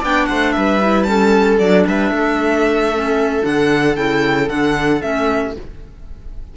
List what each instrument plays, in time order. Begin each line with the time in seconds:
0.00 cello B3, clarinet D4, viola D5, violin G5
0.26 cello A3, viola C5, violin F#5
0.52 cello G3, viola B4, violin E5
0.82 clarinet E4
1.04 clarinet C#4, viola A4, violin A5
1.59 cello F#3, clarinet D4, violin D5
1.87 cello G3, viola B4, violin E5
2.11 cello A3, viola A4
2.94 clarinet C#4
3.42 cello D3, clarinet D4, violin F#5
3.96 cello C#3, clarinet E4, violin G5
4.48 cello D3, clarinet D4, violin F#5
5.01 cello A3, clarinet C#4, violin E5
5.43 viola G4